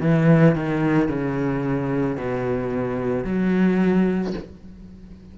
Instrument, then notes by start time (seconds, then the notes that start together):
cello
0.00 E3
0.55 D#3
1.08 C#3
2.17 B2
3.24 F#3